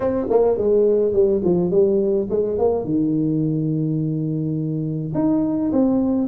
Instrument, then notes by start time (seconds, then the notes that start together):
tuba
0.00 C4
0.30 A#3
0.57 G#3
1.12 G3
1.43 F3
1.70 G3
2.30 G#3
2.58 A#3
2.84 D#3
5.14 D#4
5.72 C4